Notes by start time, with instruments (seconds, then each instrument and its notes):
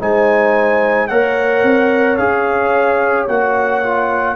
0.00 tuba G#3, trombone D#4, horn C5, trumpet G#5
1.08 tuba A#3, trombone A#4, horn C#5, trumpet F#5
1.63 tuba C4
2.17 tuba C#4, trombone G#4, trumpet F5
3.28 tuba A#3, trombone F#4, trumpet F#5
3.83 trombone F4